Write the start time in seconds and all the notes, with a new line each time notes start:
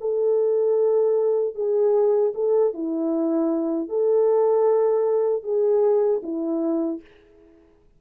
0.00 A4
1.54 G#4
2.34 A4
2.73 E4
3.89 A4
5.43 G#4
6.22 E4